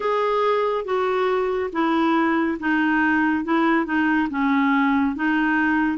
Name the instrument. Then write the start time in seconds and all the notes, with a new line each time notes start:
clarinet
0.00 G#4
0.85 F#4
1.72 E4
2.59 D#4
3.44 E4
3.85 D#4
4.29 C#4
5.15 D#4